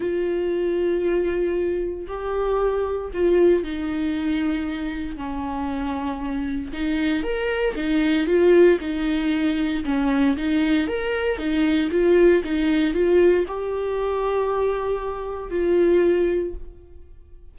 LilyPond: \new Staff \with { instrumentName = "viola" } { \time 4/4 \tempo 4 = 116 f'1 | g'2 f'4 dis'4~ | dis'2 cis'2~ | cis'4 dis'4 ais'4 dis'4 |
f'4 dis'2 cis'4 | dis'4 ais'4 dis'4 f'4 | dis'4 f'4 g'2~ | g'2 f'2 | }